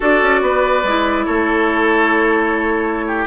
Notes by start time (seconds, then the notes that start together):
0.00 D4 F#4 A4 D5
0.22 C#4
0.41 B3 B4
0.83 G#3 E4
1.25 A3 A4 C#5
3.07 G4